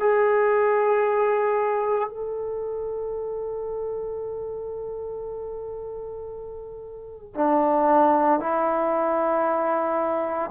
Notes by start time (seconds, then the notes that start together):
0.00 G#4
2.09 A4
7.35 D4
8.40 E4